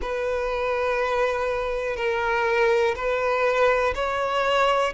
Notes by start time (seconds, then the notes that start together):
0.01 B4
1.96 A#4
2.95 B4
3.94 C#5